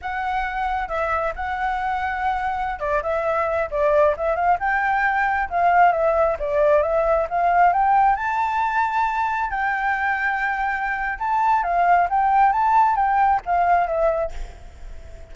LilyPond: \new Staff \with { instrumentName = "flute" } { \time 4/4 \tempo 4 = 134 fis''2 e''4 fis''4~ | fis''2~ fis''16 d''8 e''4~ e''16~ | e''16 d''4 e''8 f''8 g''4.~ g''16~ | g''16 f''4 e''4 d''4 e''8.~ |
e''16 f''4 g''4 a''4.~ a''16~ | a''4~ a''16 g''2~ g''8.~ | g''4 a''4 f''4 g''4 | a''4 g''4 f''4 e''4 | }